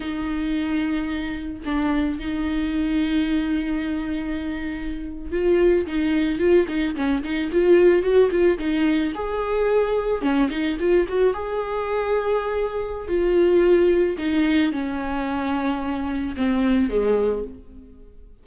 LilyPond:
\new Staff \with { instrumentName = "viola" } { \time 4/4 \tempo 4 = 110 dis'2. d'4 | dis'1~ | dis'4.~ dis'16 f'4 dis'4 f'16~ | f'16 dis'8 cis'8 dis'8 f'4 fis'8 f'8 dis'16~ |
dis'8. gis'2 cis'8 dis'8 f'16~ | f'16 fis'8 gis'2.~ gis'16 | f'2 dis'4 cis'4~ | cis'2 c'4 gis4 | }